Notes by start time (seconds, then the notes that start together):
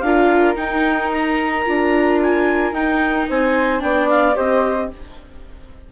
0.00 D4 F4 A#4 F5
0.56 D#4 G5
1.13 A#5
1.66 D4 F4
2.22 G#5
2.73 D#4 G5
3.29 C4 C5 G#5
3.80 B3 D4 D5 G5
4.10 F5
4.35 C4 G4 C5 D#5